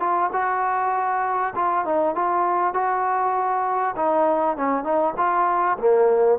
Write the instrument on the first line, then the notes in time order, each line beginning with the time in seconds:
trombone
0.00 F4
0.33 F#4
1.55 F4
1.85 D#4
2.15 F4
2.74 F#4
3.96 D#4
4.57 C#4
4.84 D#4
5.17 F4
5.78 A#3